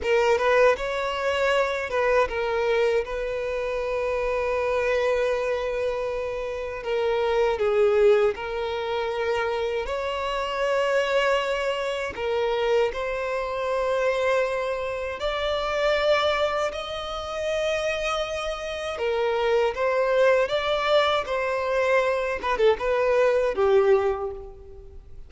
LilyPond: \new Staff \with { instrumentName = "violin" } { \time 4/4 \tempo 4 = 79 ais'8 b'8 cis''4. b'8 ais'4 | b'1~ | b'4 ais'4 gis'4 ais'4~ | ais'4 cis''2. |
ais'4 c''2. | d''2 dis''2~ | dis''4 ais'4 c''4 d''4 | c''4. b'16 a'16 b'4 g'4 | }